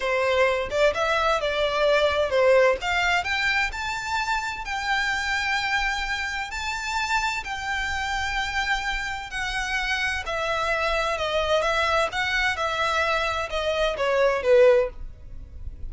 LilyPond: \new Staff \with { instrumentName = "violin" } { \time 4/4 \tempo 4 = 129 c''4. d''8 e''4 d''4~ | d''4 c''4 f''4 g''4 | a''2 g''2~ | g''2 a''2 |
g''1 | fis''2 e''2 | dis''4 e''4 fis''4 e''4~ | e''4 dis''4 cis''4 b'4 | }